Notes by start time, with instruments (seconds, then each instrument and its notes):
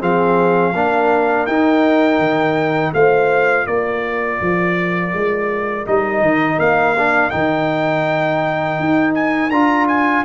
0.00 tuba F3, trombone C4, horn G#4, trumpet F5
0.73 tuba A#3, trombone D4, horn A#4
1.46 tuba D#4, trombone D#4, trumpet G5
2.19 tuba D#3
2.93 tuba A3, trombone F4, horn C5, trumpet F5
3.67 tuba A#3, horn A#4, trumpet D5
4.41 tuba F3
5.13 tuba G#3
5.86 tuba G3, trombone D#4, trumpet D#5
6.21 tuba D#3
6.58 tuba A#3, trumpet F5
6.98 trombone D4
7.30 tuba D#3, trombone D#4, trumpet G5
8.79 tuba D#4
9.14 trumpet G#5
9.50 tuba D4, trombone F4, trumpet A#5
9.88 trumpet G#5